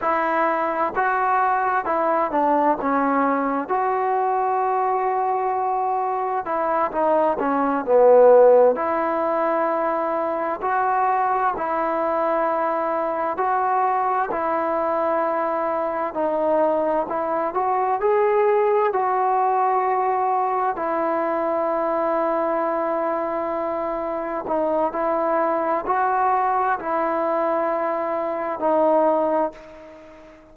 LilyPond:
\new Staff \with { instrumentName = "trombone" } { \time 4/4 \tempo 4 = 65 e'4 fis'4 e'8 d'8 cis'4 | fis'2. e'8 dis'8 | cis'8 b4 e'2 fis'8~ | fis'8 e'2 fis'4 e'8~ |
e'4. dis'4 e'8 fis'8 gis'8~ | gis'8 fis'2 e'4.~ | e'2~ e'8 dis'8 e'4 | fis'4 e'2 dis'4 | }